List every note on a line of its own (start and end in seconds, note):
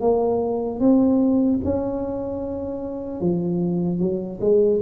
0.00 0.80 A#3
0.80 1.60 C4
1.64 3.20 C#4
3.20 3.99 F3
3.99 4.39 F#3
4.40 4.80 G#3